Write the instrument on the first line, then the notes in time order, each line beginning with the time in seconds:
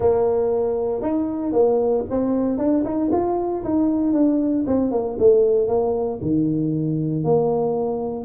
tuba
0.00 A#3
1.01 D#4
1.52 A#3
2.09 C4
2.57 D4
2.84 D#4
3.12 F4
3.63 D#4
4.13 D4
4.67 C4
4.91 A#3
5.19 A3
5.67 A#3
6.21 D#3
7.23 A#3